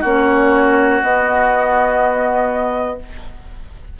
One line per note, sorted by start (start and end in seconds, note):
0.00 1.02 A#3
0.00 1.02 C#4
0.00 2.95 F#4
0.00 1.02 C#5
1.02 2.99 B3
1.02 2.98 D#5